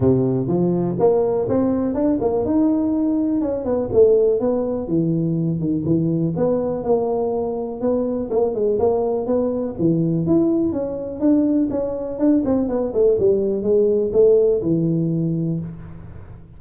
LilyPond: \new Staff \with { instrumentName = "tuba" } { \time 4/4 \tempo 4 = 123 c4 f4 ais4 c'4 | d'8 ais8 dis'2 cis'8 b8 | a4 b4 e4. dis8 | e4 b4 ais2 |
b4 ais8 gis8 ais4 b4 | e4 e'4 cis'4 d'4 | cis'4 d'8 c'8 b8 a8 g4 | gis4 a4 e2 | }